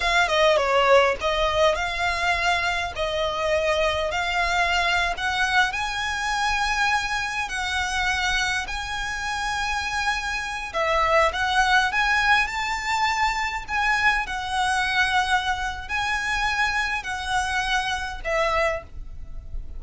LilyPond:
\new Staff \with { instrumentName = "violin" } { \time 4/4 \tempo 4 = 102 f''8 dis''8 cis''4 dis''4 f''4~ | f''4 dis''2 f''4~ | f''8. fis''4 gis''2~ gis''16~ | gis''8. fis''2 gis''4~ gis''16~ |
gis''2~ gis''16 e''4 fis''8.~ | fis''16 gis''4 a''2 gis''8.~ | gis''16 fis''2~ fis''8. gis''4~ | gis''4 fis''2 e''4 | }